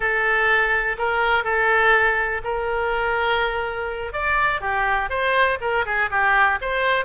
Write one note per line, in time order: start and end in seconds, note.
0.00 0.96 A4
0.98 1.43 A#4
1.43 2.41 A4
2.44 4.12 A#4
4.12 4.61 D5
4.61 5.09 G4
5.09 5.58 C5
5.60 5.85 A#4
5.85 6.10 G#4
6.10 6.59 G4
6.61 7.05 C5